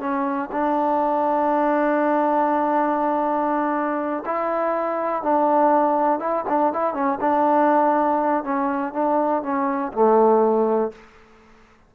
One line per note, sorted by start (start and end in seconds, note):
0.00 0.50 C#4
0.52 4.24 D4
4.26 5.23 E4
5.23 6.20 D4
6.20 6.45 E4
6.49 6.73 D4
6.73 6.94 E4
6.94 7.19 C#4
7.21 8.44 D4
8.44 8.93 C#4
8.93 9.43 D4
9.43 9.92 C#4
9.93 10.92 A3